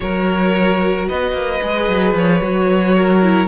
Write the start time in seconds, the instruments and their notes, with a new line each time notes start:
0.00 cello F#3, viola F#4, violin A#4 C#5
1.08 cello B3, violin B4 D#5
1.32 cello A#3
1.61 cello G#3, viola G#4
1.88 cello F#3
2.13 cello F3, violin C#5
2.41 cello F#3, viola F#4
2.96 violin A#4
3.23 viola E4